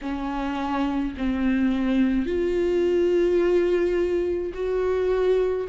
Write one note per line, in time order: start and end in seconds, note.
0.01 1.14 C#4
1.17 2.26 C4
2.26 4.52 F4
4.53 5.67 F#4